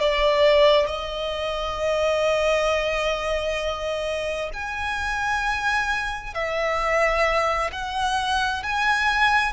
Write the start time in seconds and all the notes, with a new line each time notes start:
0.00 D5
0.87 D#5
4.53 G#5
6.34 E5
7.72 F#5
8.63 G#5